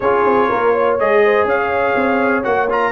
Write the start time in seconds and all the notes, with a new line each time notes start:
0.00 C#4 F4 G#4 C#5
0.25 C4
0.48 A#3 A#4
0.72 C#5
0.99 G#3 G#4 D#5
1.24 C5
1.44 C#4 C#5 F5
1.95 C4
2.43 A#3 F#4 F#5
2.70 F4 A#5